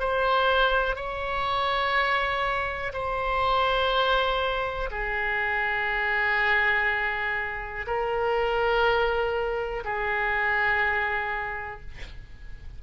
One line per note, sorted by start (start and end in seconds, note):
0.00 0.96 C5
0.96 2.93 C#5
2.93 4.90 C5
4.91 7.86 G#4
7.87 9.84 A#4
9.85 11.81 G#4